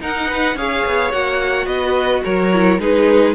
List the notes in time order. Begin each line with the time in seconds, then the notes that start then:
0.00 D#4 A#4 F#5
0.28 B4
0.54 C#4 G#4 C#5 F5
0.86 B3
1.11 A#3 F#4 F#5
1.66 B3 B4 D#5
2.24 F#3 A#4 C#5
2.52 E4
2.78 G#3 D#4 G#4 B4